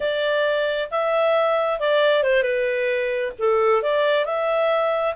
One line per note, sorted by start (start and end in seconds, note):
0.00 0.89 D5
0.91 1.79 E5
1.79 2.23 D5
2.23 2.42 C5
2.42 3.32 B4
3.38 3.82 A4
3.82 4.25 D5
4.25 5.14 E5